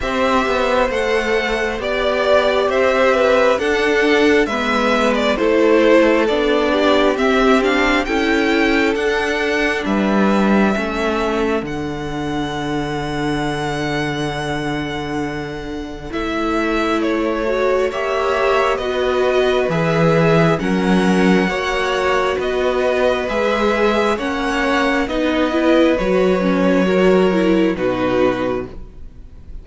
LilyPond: <<
  \new Staff \with { instrumentName = "violin" } { \time 4/4 \tempo 4 = 67 e''4 fis''4 d''4 e''4 | fis''4 e''8. d''16 c''4 d''4 | e''8 f''8 g''4 fis''4 e''4~ | e''4 fis''2.~ |
fis''2 e''4 cis''4 | e''4 dis''4 e''4 fis''4~ | fis''4 dis''4 e''4 fis''4 | dis''4 cis''2 b'4 | }
  \new Staff \with { instrumentName = "violin" } { \time 4/4 c''2 d''4 c''8 b'8 | a'4 b'4 a'4. g'8~ | g'4 a'2 b'4 | a'1~ |
a'1 | cis''4 b'2 ais'4 | cis''4 b'2 cis''4 | b'2 ais'4 fis'4 | }
  \new Staff \with { instrumentName = "viola" } { \time 4/4 g'4 a'4 g'2 | d'4 b4 e'4 d'4 | c'8 d'8 e'4 d'2 | cis'4 d'2.~ |
d'2 e'4. fis'8 | g'4 fis'4 gis'4 cis'4 | fis'2 gis'4 cis'4 | dis'8 e'8 fis'8 cis'8 fis'8 e'8 dis'4 | }
  \new Staff \with { instrumentName = "cello" } { \time 4/4 c'8 b8 a4 b4 c'4 | d'4 gis4 a4 b4 | c'4 cis'4 d'4 g4 | a4 d2.~ |
d2 a2 | ais4 b4 e4 fis4 | ais4 b4 gis4 ais4 | b4 fis2 b,4 | }
>>